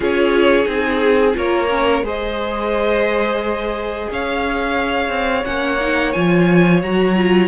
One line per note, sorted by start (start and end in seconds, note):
0.00 0.66 C#4
0.00 0.64 F4
0.00 1.36 G#4
0.00 0.68 C#5
0.64 1.35 C4
0.64 1.32 D#4
0.64 1.36 G#4
1.33 2.02 A#3
1.33 1.67 F4
1.33 2.04 A#4
1.33 2.05 C#5
1.69 2.03 C#4
2.02 4.06 G#3
2.02 5.44 G#4
2.02 4.09 C5
2.02 4.12 D#5
4.11 5.08 C#4
4.11 7.47 C#5
4.11 5.44 F5
5.08 5.42 C4
5.44 6.15 A#3
5.44 5.78 C#4
5.44 6.12 F#5
5.80 6.14 D#4
6.12 6.83 F3
6.12 6.82 F4
6.12 6.80 G#5
6.82 7.47 F#3
6.82 7.15 F#4
6.82 7.47 A#5
7.15 7.47 F4